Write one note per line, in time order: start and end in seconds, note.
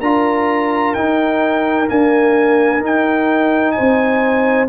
0.00 0.94 D4
0.00 0.95 F4
0.00 3.75 A#4
0.00 0.94 A#5
0.94 1.86 D#4
0.94 1.89 D#4
0.94 1.88 G5
1.86 2.80 A#3
1.86 2.81 D4
1.86 2.83 G#5
2.80 4.67 D#4
2.80 3.74 D#4
2.80 3.72 G5
3.72 4.69 C5
3.72 4.66 G#5
3.80 4.69 C4